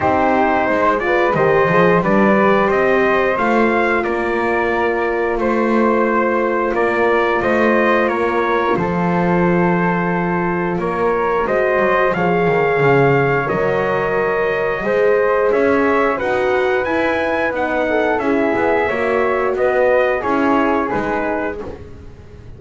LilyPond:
<<
  \new Staff \with { instrumentName = "trumpet" } { \time 4/4 \tempo 4 = 89 c''4. d''8 dis''4 d''4 | dis''4 f''4 d''2 | c''2 d''4 dis''4 | cis''4 c''2. |
cis''4 dis''4 f''2 | dis''2. e''4 | fis''4 gis''4 fis''4 e''4~ | e''4 dis''4 cis''4 b'4 | }
  \new Staff \with { instrumentName = "flute" } { \time 4/4 g'4 c''8 b'8 c''4 b'4 | c''2 ais'2 | c''2 ais'4 c''4 | ais'4 a'2. |
ais'4 c''4 cis''2~ | cis''2 c''4 cis''4 | b'2~ b'8 a'8 gis'4 | cis''4 b'4 gis'2 | }
  \new Staff \with { instrumentName = "horn" } { \time 4/4 dis'4. f'8 g'8 gis'8 d'8 g'8~ | g'4 f'2.~ | f'1~ | f'1~ |
f'4 fis'4 gis'2 | ais'2 gis'2 | fis'4 e'4 dis'4 e'4 | fis'2 e'4 dis'4 | }
  \new Staff \with { instrumentName = "double bass" } { \time 4/4 c'4 gis4 dis8 f8 g4 | c'4 a4 ais2 | a2 ais4 a4 | ais4 f2. |
ais4 gis8 fis8 f8 dis8 cis4 | fis2 gis4 cis'4 | dis'4 e'4 b4 cis'8 b8 | ais4 b4 cis'4 gis4 | }
>>